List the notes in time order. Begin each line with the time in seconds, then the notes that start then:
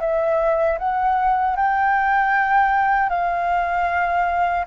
0.00 E5
0.78 F#5
1.56 G5
3.09 F5